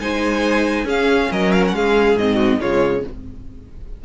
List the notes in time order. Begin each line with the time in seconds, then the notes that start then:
0.00 G#3 D#4 C5 G#5
0.85 C#4 G#4 F5
1.32 F#3 A#4 D#5
1.53 F5
1.68 G#3 F#5
1.75 G#4 F5
2.16 G#2 C4 D#5
2.36 F#4
2.60 C#3 G#3 F4 C#5